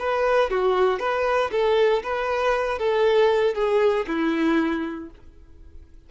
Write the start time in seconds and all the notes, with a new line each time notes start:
0.00 B4
0.51 F#4
1.00 B4
1.52 A4
2.03 B4
2.79 A4
3.55 G#4
4.08 E4